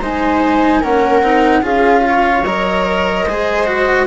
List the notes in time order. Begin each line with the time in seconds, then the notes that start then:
0.00 G#3 D#4 C5 G#5
0.80 A#3 C#4 A#4 F#5
1.21 C4 D#4
1.62 C#4 F4 G#4 F5
2.08 C#5
2.44 F#3 A#4 D#5
3.26 G#3 G#4 C5
3.66 F#4